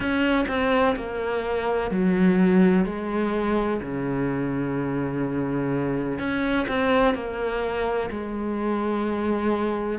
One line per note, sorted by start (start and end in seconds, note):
0.00 0.45 C#4
0.48 0.95 C4
0.96 1.90 A#3
1.90 2.85 F#3
2.85 3.80 G#3
3.81 6.18 C#3
6.18 6.66 C#4
6.68 7.14 C4
7.14 8.09 A#3
8.10 9.99 G#3